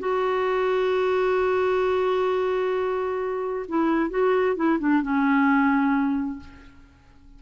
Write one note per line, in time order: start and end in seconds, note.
0.00 3.66 F#4
3.69 4.10 E4
4.10 4.56 F#4
4.56 4.79 E4
4.80 5.03 D4
5.03 6.40 C#4